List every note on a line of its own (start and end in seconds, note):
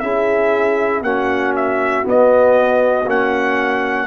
0.00 1.02 C#4
0.00 1.04 E4
0.00 1.04 G#4
0.00 1.02 E5
1.02 2.03 A#3
1.02 2.04 C#4
1.02 4.07 F#4
1.02 1.54 F#5
1.56 2.07 E5
2.04 3.06 B3
2.04 3.10 D#5
3.06 4.07 A#3
3.06 4.07 C#4
3.06 4.07 F#5